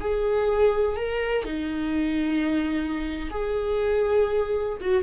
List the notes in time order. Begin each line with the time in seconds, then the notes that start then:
0.00 G#4
0.96 A#4
1.45 D#4
3.30 G#4
4.80 F#4